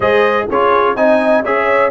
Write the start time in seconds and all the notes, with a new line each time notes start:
0.00 G#3 G#4 C5 D#5
0.49 C#4 F4 G#4 C#5
0.95 C4 D#4 D#5 G#5
1.43 C#4 G#4 C#5 E5